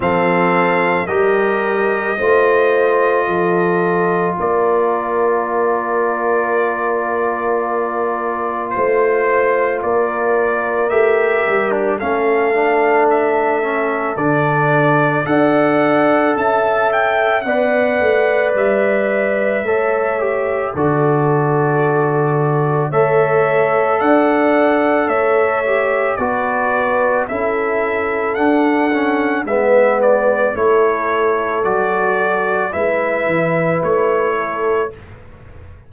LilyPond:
<<
  \new Staff \with { instrumentName = "trumpet" } { \time 4/4 \tempo 4 = 55 f''4 dis''2. | d''1 | c''4 d''4 e''8. d'16 f''4 | e''4 d''4 fis''4 a''8 g''8 |
fis''4 e''2 d''4~ | d''4 e''4 fis''4 e''4 | d''4 e''4 fis''4 e''8 d''8 | cis''4 d''4 e''4 cis''4 | }
  \new Staff \with { instrumentName = "horn" } { \time 4/4 a'4 ais'4 c''4 a'4 | ais'1 | c''4 ais'2 a'4~ | a'2 d''4 e''4 |
d''2 cis''4 a'4~ | a'4 cis''4 d''4 cis''4 | b'4 a'2 b'4 | a'2 b'4. a'8 | }
  \new Staff \with { instrumentName = "trombone" } { \time 4/4 c'4 g'4 f'2~ | f'1~ | f'2 g'4 cis'8 d'8~ | d'8 cis'8 d'4 a'2 |
b'2 a'8 g'8 fis'4~ | fis'4 a'2~ a'8 g'8 | fis'4 e'4 d'8 cis'8 b4 | e'4 fis'4 e'2 | }
  \new Staff \with { instrumentName = "tuba" } { \time 4/4 f4 g4 a4 f4 | ais1 | a4 ais4 a8 g8 a4~ | a4 d4 d'4 cis'4 |
b8 a8 g4 a4 d4~ | d4 a4 d'4 a4 | b4 cis'4 d'4 gis4 | a4 fis4 gis8 e8 a4 | }
>>